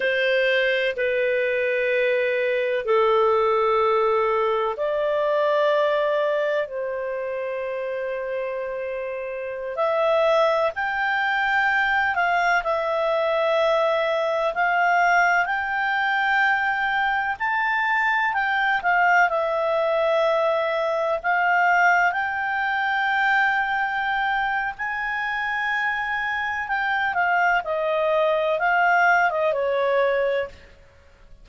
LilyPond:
\new Staff \with { instrumentName = "clarinet" } { \time 4/4 \tempo 4 = 63 c''4 b'2 a'4~ | a'4 d''2 c''4~ | c''2~ c''16 e''4 g''8.~ | g''8. f''8 e''2 f''8.~ |
f''16 g''2 a''4 g''8 f''16~ | f''16 e''2 f''4 g''8.~ | g''2 gis''2 | g''8 f''8 dis''4 f''8. dis''16 cis''4 | }